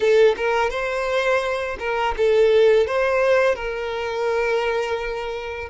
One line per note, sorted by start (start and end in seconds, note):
0.00 0.35 A4
0.36 0.69 A#4
0.69 1.77 C5
1.79 2.14 A#4
2.17 2.86 A4
2.86 3.55 C5
3.55 5.69 A#4